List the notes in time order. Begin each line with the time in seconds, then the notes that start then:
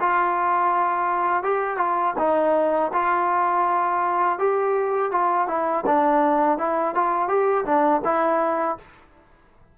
0.00 F4
1.43 G4
1.78 F4
2.19 D#4
2.93 F4
4.39 G4
5.12 F4
5.48 E4
5.86 D4
6.59 E4
6.95 F4
7.28 G4
7.65 D4
8.05 E4